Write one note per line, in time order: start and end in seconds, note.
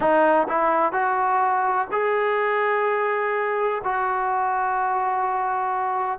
0.00 0.47 D#4
0.48 0.92 E4
0.92 1.87 F#4
1.91 3.81 G#4
3.84 6.19 F#4